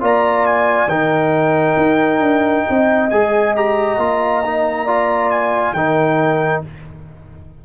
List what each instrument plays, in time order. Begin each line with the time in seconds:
0.00 tuba A#3, trombone F4, horn D5, trumpet A#5
0.45 trumpet G#5
0.87 tuba D#3, trombone D#4, horn A#4, trumpet G5
1.76 tuba D#4
2.20 tuba D4
2.68 tuba C4, horn D#5
3.10 tuba G#3, trombone G#4, trumpet G#5
3.55 trombone G4, trumpet A#5
3.97 tuba A#3, trombone F4
4.44 trombone D#4
4.84 trombone F4, horn D5
5.31 trumpet G#5
5.72 tuba D#3, trombone D#4, horn A#4, trumpet G5